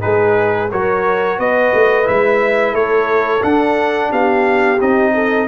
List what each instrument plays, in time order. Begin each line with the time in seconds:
0.00 tuba G#3, trombone D#4, horn G#4, trumpet B4
0.71 tuba F#3, trombone F#4, horn A#4, trumpet C#5
1.38 tuba B3, horn B4, trumpet D#5
1.74 tuba A3
2.04 tuba G#3, trombone E4, trumpet E5
2.73 tuba A3, horn A4, trumpet C#5
3.41 trombone D4, tuba D4, trumpet F#5
4.10 tuba B3, horn G4, trumpet F5
4.81 tuba C4, trombone D#4, trumpet D#5
5.14 horn A4